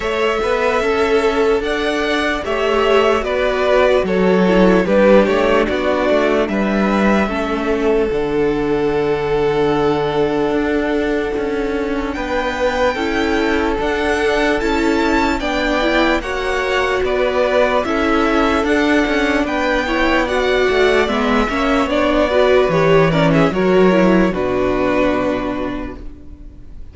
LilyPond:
<<
  \new Staff \with { instrumentName = "violin" } { \time 4/4 \tempo 4 = 74 e''2 fis''4 e''4 | d''4 cis''4 b'8 cis''8 d''4 | e''2 fis''2~ | fis''2. g''4~ |
g''4 fis''4 a''4 g''4 | fis''4 d''4 e''4 fis''4 | g''4 fis''4 e''4 d''4 | cis''8 d''16 e''16 cis''4 b'2 | }
  \new Staff \with { instrumentName = "violin" } { \time 4/4 cis''8 b'8 a'4 d''4 cis''4 | b'4 a'4 g'4 fis'4 | b'4 a'2.~ | a'2. b'4 |
a'2. d''4 | cis''4 b'4 a'2 | b'8 cis''8 d''4. cis''4 b'8~ | b'8 ais'16 gis'16 ais'4 fis'2 | }
  \new Staff \with { instrumentName = "viola" } { \time 4/4 a'2. g'4 | fis'4. e'8 d'2~ | d'4 cis'4 d'2~ | d'1 |
e'4 d'4 e'4 d'8 e'8 | fis'2 e'4 d'4~ | d'8 e'8 fis'4 b8 cis'8 d'8 fis'8 | g'8 cis'8 fis'8 e'8 d'2 | }
  \new Staff \with { instrumentName = "cello" } { \time 4/4 a8 b8 cis'4 d'4 a4 | b4 fis4 g8 a8 b8 a8 | g4 a4 d2~ | d4 d'4 cis'4 b4 |
cis'4 d'4 cis'4 b4 | ais4 b4 cis'4 d'8 cis'8 | b4. a8 gis8 ais8 b4 | e4 fis4 b,2 | }
>>